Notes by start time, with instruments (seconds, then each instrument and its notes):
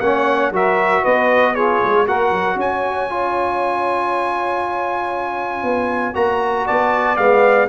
0.00 tuba A#3, trombone C#4, saxophone C#5, trumpet F#5
0.51 tuba F#3, trombone F#4, saxophone A#4, trumpet E5
1.02 tuba B3, saxophone B4, trumpet D#5
1.53 trombone F4, saxophone G#4, trumpet C#5
1.83 tuba G#3
2.07 tuba A#3, trombone F#4, saxophone A#4, trumpet F#5
2.32 tuba F#3
2.56 tuba C#4, saxophone C#5, trumpet G#5
3.10 trombone F4
5.63 tuba B3
6.14 tuba A#3, trombone F#4, trumpet A#5
6.66 tuba B3, saxophone D5, trumpet A5
7.17 tuba G#3, trombone B3, trumpet F5